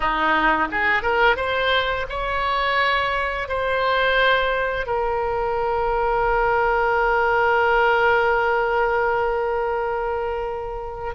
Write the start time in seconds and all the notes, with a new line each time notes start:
0.00 D#4
0.71 G#4
1.02 A#4
1.36 C5
2.09 C#5
3.48 C5
4.86 A#4